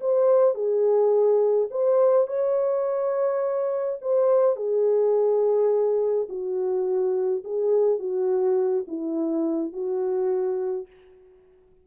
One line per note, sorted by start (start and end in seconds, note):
0.00 0.54 C5
0.54 1.69 G#4
1.70 2.27 C5
2.27 3.98 C#5
4.01 4.56 C5
4.56 6.27 G#4
6.29 7.43 F#4
7.44 7.98 G#4
7.98 8.84 F#4
8.87 9.72 E4
9.72 10.87 F#4